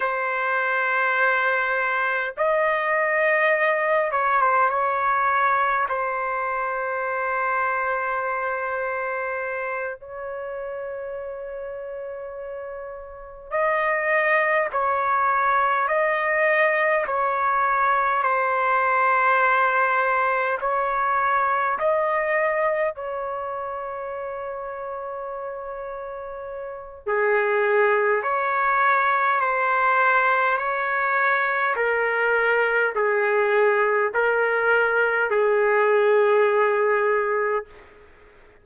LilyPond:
\new Staff \with { instrumentName = "trumpet" } { \time 4/4 \tempo 4 = 51 c''2 dis''4. cis''16 c''16 | cis''4 c''2.~ | c''8 cis''2. dis''8~ | dis''8 cis''4 dis''4 cis''4 c''8~ |
c''4. cis''4 dis''4 cis''8~ | cis''2. gis'4 | cis''4 c''4 cis''4 ais'4 | gis'4 ais'4 gis'2 | }